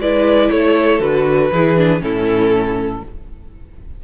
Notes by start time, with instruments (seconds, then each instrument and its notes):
0.00 cello G#3, viola E4, violin B4 D5
0.51 cello A3, violin A4 C#5
1.00 cello D3, viola F#4, violin B4
1.53 cello E3, viola E4, violin G#4
1.77 viola D4
2.01 cello A2, viola C#4, violin E4 A4